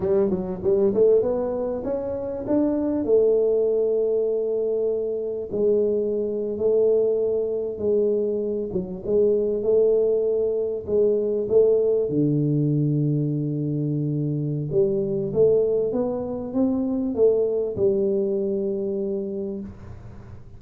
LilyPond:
\new Staff \with { instrumentName = "tuba" } { \time 4/4 \tempo 4 = 98 g8 fis8 g8 a8 b4 cis'4 | d'4 a2.~ | a4 gis4.~ gis16 a4~ a16~ | a8. gis4. fis8 gis4 a16~ |
a4.~ a16 gis4 a4 d16~ | d1 | g4 a4 b4 c'4 | a4 g2. | }